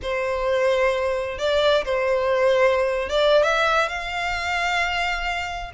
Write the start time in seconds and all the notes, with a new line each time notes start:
0.02 C5
1.38 D5
1.84 C5
3.09 D5
3.43 E5
3.88 F5